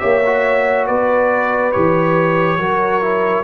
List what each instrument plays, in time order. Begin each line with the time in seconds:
0.00 tuba A#3, trombone G4, horn C#5, trumpet E5
0.26 trombone F#4
0.87 tuba B3, horn B4, trumpet D5
1.72 tuba E3, trombone G4, trumpet C#5
2.58 tuba F#3, trombone F#4, horn A#4
3.02 trombone E4